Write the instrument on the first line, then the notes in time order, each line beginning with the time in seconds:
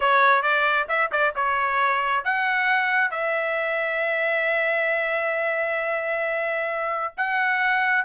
trumpet
0.00 C#5
0.42 D5
0.88 E5
1.11 D5
1.35 C#5
2.24 F#5
3.11 E5
7.17 F#5